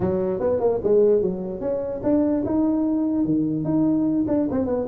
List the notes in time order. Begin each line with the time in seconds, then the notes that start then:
0.00 F#3
0.40 B3
0.60 A#3
0.83 G#3
1.21 F#3
1.60 C#4
2.03 D4
2.45 D#4
3.24 D#3
3.64 D#4
4.27 D4
4.51 C4
4.65 B3